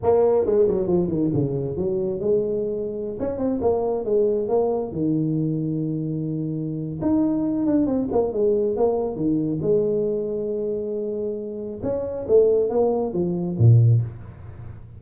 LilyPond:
\new Staff \with { instrumentName = "tuba" } { \time 4/4 \tempo 4 = 137 ais4 gis8 fis8 f8 dis8 cis4 | fis4 gis2~ gis16 cis'8 c'16~ | c'16 ais4 gis4 ais4 dis8.~ | dis1 |
dis'4. d'8 c'8 ais8 gis4 | ais4 dis4 gis2~ | gis2. cis'4 | a4 ais4 f4 ais,4 | }